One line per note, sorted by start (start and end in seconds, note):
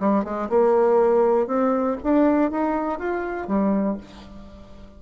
0.00 0.25 G3
0.25 0.50 G#3
0.50 1.47 A#3
1.47 1.97 C4
2.04 2.51 D4
2.51 3.00 D#4
3.00 3.48 F4
3.48 3.98 G3